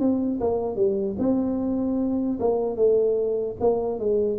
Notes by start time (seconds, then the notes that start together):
0.00 C4
0.41 A#3
0.76 G3
1.19 C4
2.40 A#3
2.77 A3
3.61 A#3
4.00 G#3